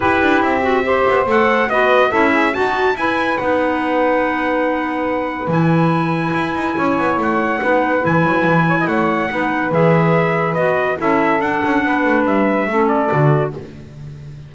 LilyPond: <<
  \new Staff \with { instrumentName = "trumpet" } { \time 4/4 \tempo 4 = 142 b'4 e''2 fis''4 | dis''4 e''4 a''4 gis''4 | fis''1~ | fis''4 gis''2.~ |
gis''4 fis''2 gis''4~ | gis''4 fis''2 e''4~ | e''4 dis''4 e''4 fis''4~ | fis''4 e''4. d''4. | }
  \new Staff \with { instrumentName = "saxophone" } { \time 4/4 g'2 c''2 | b'4 a'8 gis'8 fis'4 b'4~ | b'1~ | b'1 |
cis''2 b'2~ | b'8 cis''16 dis''16 cis''4 b'2~ | b'2 a'2 | b'2 a'2 | }
  \new Staff \with { instrumentName = "clarinet" } { \time 4/4 e'4. fis'8 g'4 a'4 | fis'4 e'4 fis'4 e'4 | dis'1~ | dis'4 e'2.~ |
e'2 dis'4 e'4~ | e'2 dis'4 gis'4~ | gis'4 fis'4 e'4 d'4~ | d'2 cis'4 fis'4 | }
  \new Staff \with { instrumentName = "double bass" } { \time 4/4 e'8 d'8 c'4. b8 a4 | b4 cis'4 dis'4 e'4 | b1~ | b4 e2 e'8 dis'8 |
cis'8 b8 a4 b4 e8 fis8 | e4 a4 b4 e4~ | e4 b4 cis'4 d'8 cis'8 | b8 a8 g4 a4 d4 | }
>>